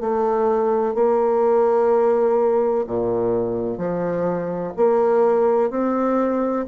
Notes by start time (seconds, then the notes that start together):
0.00 A3
0.94 A#3
2.87 A#2
3.77 F3
4.76 A#3
5.70 C4